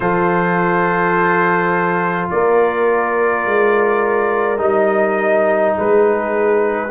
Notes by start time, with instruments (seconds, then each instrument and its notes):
0.00 tuba F3, trombone F4, horn A4, trumpet C5
2.30 tuba A#3, horn A#4, trumpet D5
3.45 tuba G#3
4.57 tuba G3, trombone D#4, trumpet D#5
5.78 tuba G#3, horn G#4, trumpet B4